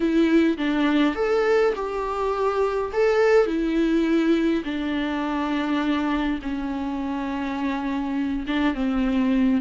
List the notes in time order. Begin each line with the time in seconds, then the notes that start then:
0.00 E4
0.57 D4
1.15 A4
1.75 G4
2.93 A4
3.46 E4
4.64 D4
6.42 C#4
8.47 D4
8.74 C4